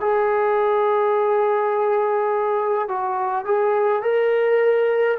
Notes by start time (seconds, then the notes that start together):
0.00 G#4
2.88 F#4
3.45 G#4
4.02 A#4